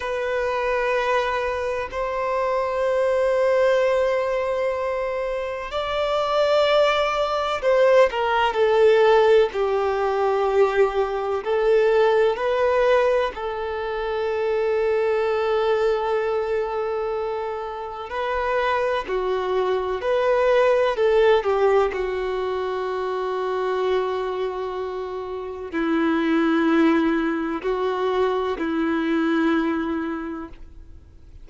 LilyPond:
\new Staff \with { instrumentName = "violin" } { \time 4/4 \tempo 4 = 63 b'2 c''2~ | c''2 d''2 | c''8 ais'8 a'4 g'2 | a'4 b'4 a'2~ |
a'2. b'4 | fis'4 b'4 a'8 g'8 fis'4~ | fis'2. e'4~ | e'4 fis'4 e'2 | }